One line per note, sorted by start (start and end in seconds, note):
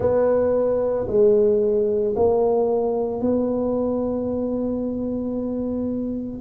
0.00 1.07 B3
1.07 2.14 G#3
2.15 3.21 A#3
3.21 6.41 B3